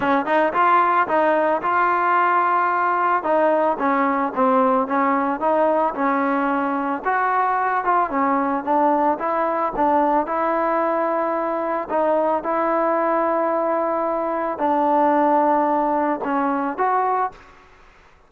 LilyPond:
\new Staff \with { instrumentName = "trombone" } { \time 4/4 \tempo 4 = 111 cis'8 dis'8 f'4 dis'4 f'4~ | f'2 dis'4 cis'4 | c'4 cis'4 dis'4 cis'4~ | cis'4 fis'4. f'8 cis'4 |
d'4 e'4 d'4 e'4~ | e'2 dis'4 e'4~ | e'2. d'4~ | d'2 cis'4 fis'4 | }